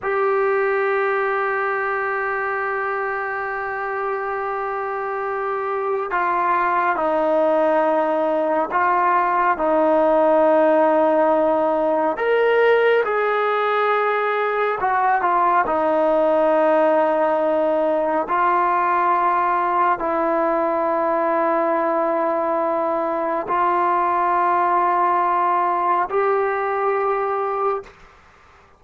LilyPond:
\new Staff \with { instrumentName = "trombone" } { \time 4/4 \tempo 4 = 69 g'1~ | g'2. f'4 | dis'2 f'4 dis'4~ | dis'2 ais'4 gis'4~ |
gis'4 fis'8 f'8 dis'2~ | dis'4 f'2 e'4~ | e'2. f'4~ | f'2 g'2 | }